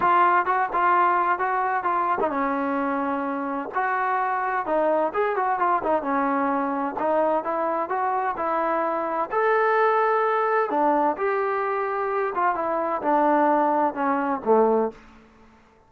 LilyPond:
\new Staff \with { instrumentName = "trombone" } { \time 4/4 \tempo 4 = 129 f'4 fis'8 f'4. fis'4 | f'8. dis'16 cis'2. | fis'2 dis'4 gis'8 fis'8 | f'8 dis'8 cis'2 dis'4 |
e'4 fis'4 e'2 | a'2. d'4 | g'2~ g'8 f'8 e'4 | d'2 cis'4 a4 | }